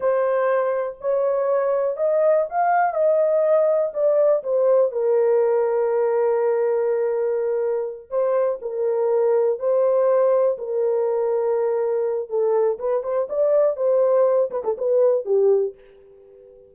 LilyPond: \new Staff \with { instrumentName = "horn" } { \time 4/4 \tempo 4 = 122 c''2 cis''2 | dis''4 f''4 dis''2 | d''4 c''4 ais'2~ | ais'1~ |
ais'8 c''4 ais'2 c''8~ | c''4. ais'2~ ais'8~ | ais'4 a'4 b'8 c''8 d''4 | c''4. b'16 a'16 b'4 g'4 | }